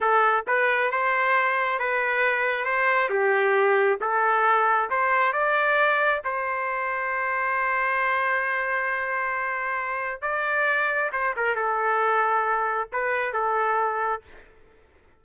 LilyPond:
\new Staff \with { instrumentName = "trumpet" } { \time 4/4 \tempo 4 = 135 a'4 b'4 c''2 | b'2 c''4 g'4~ | g'4 a'2 c''4 | d''2 c''2~ |
c''1~ | c''2. d''4~ | d''4 c''8 ais'8 a'2~ | a'4 b'4 a'2 | }